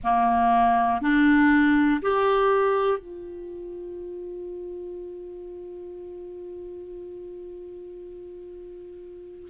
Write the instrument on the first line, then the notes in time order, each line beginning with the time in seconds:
clarinet
0.03 A#3
1.01 D4
2.01 G4
2.98 F4